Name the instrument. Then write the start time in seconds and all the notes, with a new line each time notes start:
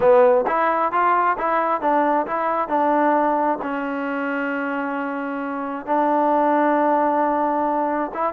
trombone
0.00 B3
0.47 E4
0.91 F4
1.37 E4
1.81 D4
2.27 E4
2.68 D4
3.62 C#4
5.85 D4
8.14 E4